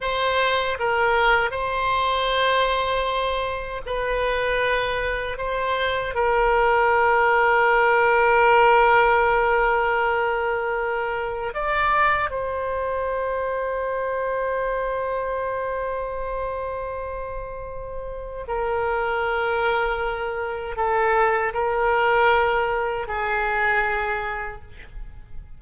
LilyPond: \new Staff \with { instrumentName = "oboe" } { \time 4/4 \tempo 4 = 78 c''4 ais'4 c''2~ | c''4 b'2 c''4 | ais'1~ | ais'2. d''4 |
c''1~ | c''1 | ais'2. a'4 | ais'2 gis'2 | }